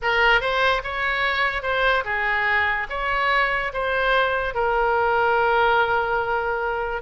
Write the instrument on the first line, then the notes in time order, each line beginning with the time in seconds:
oboe
0.02 A#4
0.40 C5
0.83 C#5
1.62 C5
2.04 G#4
2.89 C#5
3.73 C5
4.54 A#4